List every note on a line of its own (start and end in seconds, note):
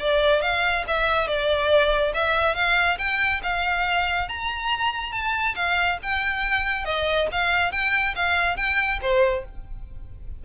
0.00 0.42 D5
0.42 0.85 F5
0.88 1.28 E5
1.28 2.14 D5
2.14 2.55 E5
2.55 2.98 F5
2.99 3.41 G5
3.43 4.29 F5
4.29 5.13 A#5
5.13 5.55 A5
5.56 5.99 F5
6.03 6.85 G5
6.85 7.28 D#5
7.32 7.72 F5
7.72 8.15 G5
8.16 8.57 F5
8.57 9.00 G5
9.02 9.45 C5